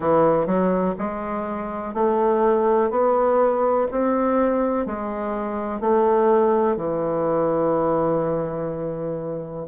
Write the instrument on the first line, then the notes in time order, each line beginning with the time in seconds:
bassoon
0.00 E3
0.46 F#3
0.98 G#3
1.94 A3
2.90 B3
3.91 C4
4.86 G#3
5.80 A3
6.76 E3